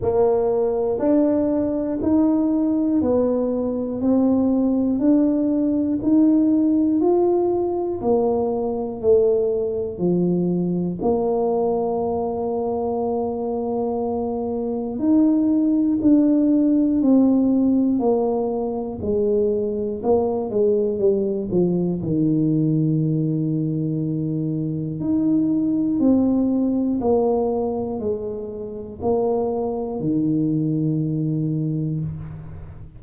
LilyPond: \new Staff \with { instrumentName = "tuba" } { \time 4/4 \tempo 4 = 60 ais4 d'4 dis'4 b4 | c'4 d'4 dis'4 f'4 | ais4 a4 f4 ais4~ | ais2. dis'4 |
d'4 c'4 ais4 gis4 | ais8 gis8 g8 f8 dis2~ | dis4 dis'4 c'4 ais4 | gis4 ais4 dis2 | }